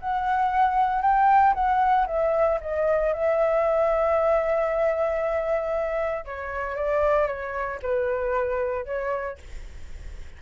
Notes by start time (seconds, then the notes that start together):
0.00 F#5
1.02 G5
1.54 F#5
2.07 E5
2.61 D#5
3.13 E5
6.25 C#5
6.76 D5
7.27 C#5
7.82 B4
8.86 C#5